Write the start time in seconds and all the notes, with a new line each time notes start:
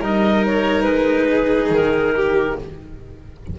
0.00 G3 D#4 A#4 D#5
0.46 C#5
0.82 G#3 B4
1.30 G#4
1.69 D#3 A#4
2.15 G4